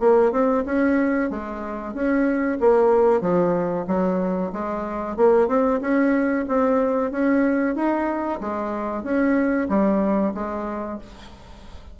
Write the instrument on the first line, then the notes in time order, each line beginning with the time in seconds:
bassoon
0.00 A#3
0.32 C4
0.66 C#4
1.30 G#3
1.94 C#4
2.60 A#3
3.21 F3
3.87 F#3
4.52 G#3
5.16 A#3
5.48 C4
5.81 C#4
6.48 C4
7.11 C#4
7.75 D#4
8.40 G#3
9.04 C#4
9.69 G3
10.34 G#3